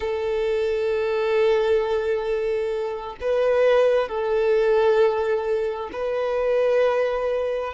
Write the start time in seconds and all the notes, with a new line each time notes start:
0.00 A4
3.20 B4
4.08 A4
5.92 B4